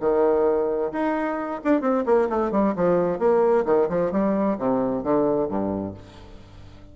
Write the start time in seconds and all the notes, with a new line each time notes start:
0.00 D#3
0.92 D#4
1.64 D4
1.81 C4
2.06 A#3
2.29 A3
2.51 G3
2.76 F3
3.19 A#3
3.66 D#3
3.89 F3
4.12 G3
4.58 C3
5.03 D3
5.48 G2